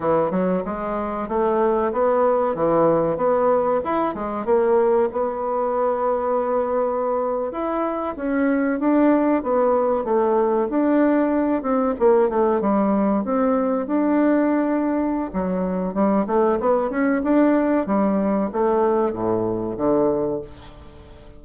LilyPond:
\new Staff \with { instrumentName = "bassoon" } { \time 4/4 \tempo 4 = 94 e8 fis8 gis4 a4 b4 | e4 b4 e'8 gis8 ais4 | b2.~ b8. e'16~ | e'8. cis'4 d'4 b4 a16~ |
a8. d'4. c'8 ais8 a8 g16~ | g8. c'4 d'2~ d'16 | fis4 g8 a8 b8 cis'8 d'4 | g4 a4 a,4 d4 | }